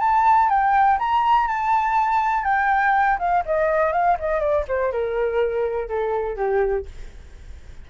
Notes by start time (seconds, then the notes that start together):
0.00 A5
0.49 G5
0.99 A#5
1.47 A5
2.44 G5
3.19 F5
3.45 D#5
3.93 F5
4.19 D#5
4.40 D5
4.68 C5
4.92 A#4
5.88 A4
6.36 G4